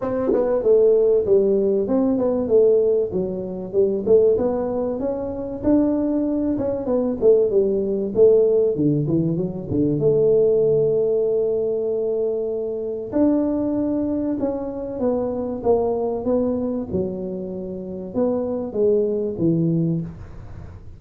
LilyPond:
\new Staff \with { instrumentName = "tuba" } { \time 4/4 \tempo 4 = 96 c'8 b8 a4 g4 c'8 b8 | a4 fis4 g8 a8 b4 | cis'4 d'4. cis'8 b8 a8 | g4 a4 d8 e8 fis8 d8 |
a1~ | a4 d'2 cis'4 | b4 ais4 b4 fis4~ | fis4 b4 gis4 e4 | }